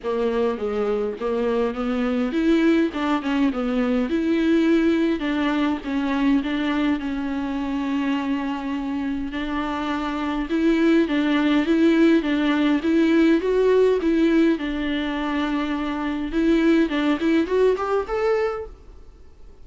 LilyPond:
\new Staff \with { instrumentName = "viola" } { \time 4/4 \tempo 4 = 103 ais4 gis4 ais4 b4 | e'4 d'8 cis'8 b4 e'4~ | e'4 d'4 cis'4 d'4 | cis'1 |
d'2 e'4 d'4 | e'4 d'4 e'4 fis'4 | e'4 d'2. | e'4 d'8 e'8 fis'8 g'8 a'4 | }